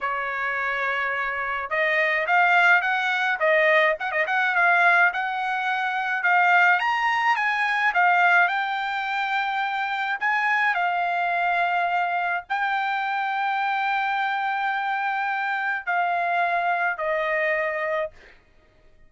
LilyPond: \new Staff \with { instrumentName = "trumpet" } { \time 4/4 \tempo 4 = 106 cis''2. dis''4 | f''4 fis''4 dis''4 fis''16 dis''16 fis''8 | f''4 fis''2 f''4 | ais''4 gis''4 f''4 g''4~ |
g''2 gis''4 f''4~ | f''2 g''2~ | g''1 | f''2 dis''2 | }